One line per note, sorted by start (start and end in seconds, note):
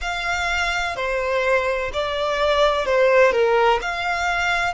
0.01 0.96 F5
0.96 1.91 C5
1.93 2.85 D5
2.85 3.32 C5
3.32 3.79 A#4
3.81 4.73 F5